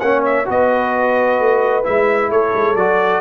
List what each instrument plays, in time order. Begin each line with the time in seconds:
0.00 tuba A#3, trombone C#4, horn C#5, trumpet F#5
0.25 trumpet E5
0.46 tuba B3, trombone F#4, horn B4, trumpet D#5
1.40 tuba A3
1.84 tuba G#3, trombone E4, trumpet E5
2.31 tuba A3, horn A4, trumpet C#5
2.55 tuba G#3
2.76 tuba F#3, trombone F#4, trumpet D5